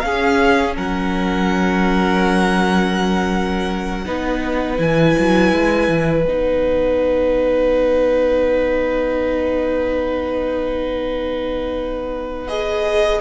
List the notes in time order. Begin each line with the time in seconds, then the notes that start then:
0.00 C#4 G#4 F5
0.77 F#3 A#4 F#5
4.06 B3 D#4 B4
4.77 E3 E4 G#5
5.19 F#3
5.52 G#3
5.88 E3
6.25 B3 D#4 F#5
12.48 G#4 D#5